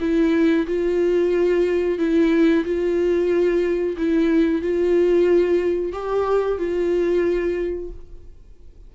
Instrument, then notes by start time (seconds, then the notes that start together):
viola
0.00 E4
0.67 F4
1.98 E4
2.64 F4
3.97 E4
4.62 F4
5.93 G4
6.58 F4